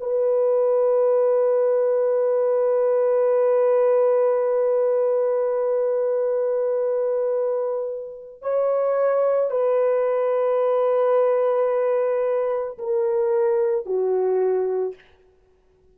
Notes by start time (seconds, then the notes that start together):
0.00 B4
8.41 C#5
9.51 B4
12.78 A#4
13.85 F#4